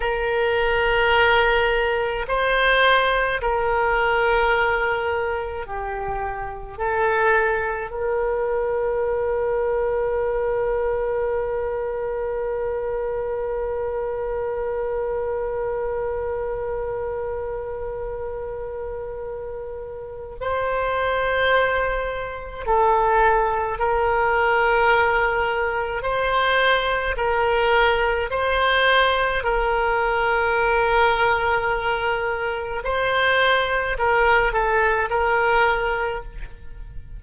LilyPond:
\new Staff \with { instrumentName = "oboe" } { \time 4/4 \tempo 4 = 53 ais'2 c''4 ais'4~ | ais'4 g'4 a'4 ais'4~ | ais'1~ | ais'1~ |
ais'2 c''2 | a'4 ais'2 c''4 | ais'4 c''4 ais'2~ | ais'4 c''4 ais'8 a'8 ais'4 | }